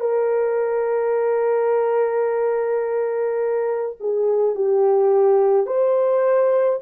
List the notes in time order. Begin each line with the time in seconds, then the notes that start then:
0.00 A#4
4.00 G#4
4.55 G4
5.67 C5